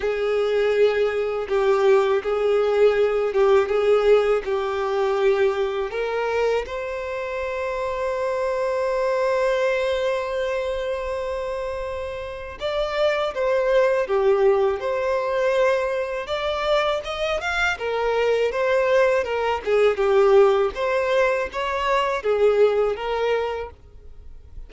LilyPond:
\new Staff \with { instrumentName = "violin" } { \time 4/4 \tempo 4 = 81 gis'2 g'4 gis'4~ | gis'8 g'8 gis'4 g'2 | ais'4 c''2.~ | c''1~ |
c''4 d''4 c''4 g'4 | c''2 d''4 dis''8 f''8 | ais'4 c''4 ais'8 gis'8 g'4 | c''4 cis''4 gis'4 ais'4 | }